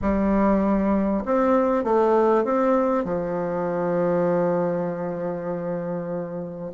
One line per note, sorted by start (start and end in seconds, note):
0.01 1.24 G3
1.25 1.84 C4
1.84 2.44 A3
2.44 3.04 C4
3.04 6.71 F3